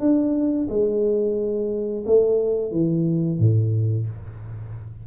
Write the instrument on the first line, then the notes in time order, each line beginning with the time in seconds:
tuba
0.00 D4
0.70 G#3
2.06 A3
2.72 E3
3.39 A2